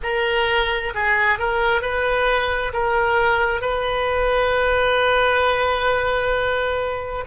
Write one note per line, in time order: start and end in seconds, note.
0.02 0.93 A#4
0.94 1.38 G#4
1.38 1.81 A#4
1.81 2.72 B4
2.73 3.61 A#4
3.61 7.24 B4